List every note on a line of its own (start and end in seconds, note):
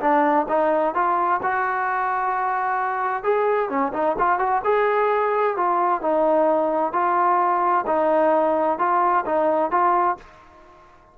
0.00 0.46 D4
0.48 0.94 D#4
0.94 1.41 F4
1.43 3.23 F#4
3.23 3.69 G#4
3.69 3.92 C#4
3.93 4.16 D#4
4.19 4.39 F4
4.39 4.62 F#4
4.64 5.56 G#4
5.57 6.01 F4
6.01 6.93 D#4
6.93 7.85 F4
7.87 8.78 D#4
8.78 9.25 F4
9.26 9.71 D#4
9.71 10.17 F4